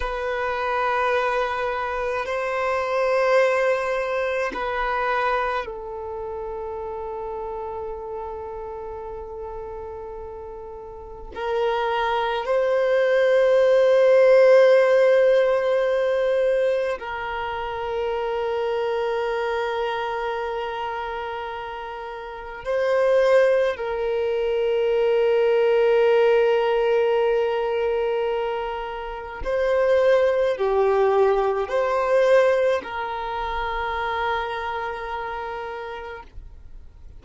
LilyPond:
\new Staff \with { instrumentName = "violin" } { \time 4/4 \tempo 4 = 53 b'2 c''2 | b'4 a'2.~ | a'2 ais'4 c''4~ | c''2. ais'4~ |
ais'1 | c''4 ais'2.~ | ais'2 c''4 g'4 | c''4 ais'2. | }